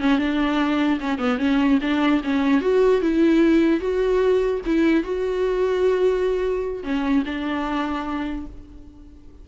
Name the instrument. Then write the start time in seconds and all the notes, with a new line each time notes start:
viola
0.00 C#4
0.18 D4
1.00 C#4
1.18 B3
1.38 C#4
1.81 D4
2.24 C#4
2.61 F#4
3.01 E4
3.80 F#4
4.65 E4
5.03 F#4
6.83 C#4
7.25 D4